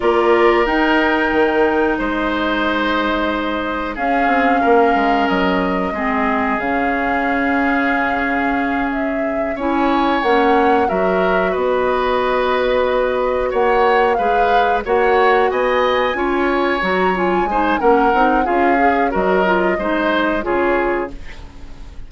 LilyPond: <<
  \new Staff \with { instrumentName = "flute" } { \time 4/4 \tempo 4 = 91 d''4 g''2 dis''4~ | dis''2 f''2 | dis''2 f''2~ | f''4. e''4 gis''4 fis''8~ |
fis''8 e''4 dis''2~ dis''8~ | dis''8 fis''4 f''4 fis''4 gis''8~ | gis''4. ais''8 gis''4 fis''4 | f''4 dis''2 cis''4 | }
  \new Staff \with { instrumentName = "oboe" } { \time 4/4 ais'2. c''4~ | c''2 gis'4 ais'4~ | ais'4 gis'2.~ | gis'2~ gis'8 cis''4.~ |
cis''8 ais'4 b'2~ b'8~ | b'8 cis''4 b'4 cis''4 dis''8~ | dis''8 cis''2 c''8 ais'4 | gis'4 ais'4 c''4 gis'4 | }
  \new Staff \with { instrumentName = "clarinet" } { \time 4/4 f'4 dis'2.~ | dis'2 cis'2~ | cis'4 c'4 cis'2~ | cis'2~ cis'8 e'4 cis'8~ |
cis'8 fis'2.~ fis'8~ | fis'4. gis'4 fis'4.~ | fis'8 f'4 fis'8 f'8 dis'8 cis'8 dis'8 | f'8 gis'8 fis'8 f'8 dis'4 f'4 | }
  \new Staff \with { instrumentName = "bassoon" } { \time 4/4 ais4 dis'4 dis4 gis4~ | gis2 cis'8 c'8 ais8 gis8 | fis4 gis4 cis2~ | cis2~ cis8 cis'4 ais8~ |
ais8 fis4 b2~ b8~ | b8 ais4 gis4 ais4 b8~ | b8 cis'4 fis4 gis8 ais8 c'8 | cis'4 fis4 gis4 cis4 | }
>>